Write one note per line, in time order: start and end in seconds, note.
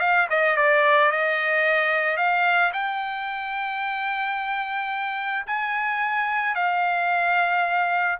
0.00 0.27 F5
0.30 0.57 D#5
0.57 1.11 D5
1.12 2.17 D#5
2.17 2.71 F5
2.73 5.46 G5
5.46 6.55 G#5
6.55 8.18 F5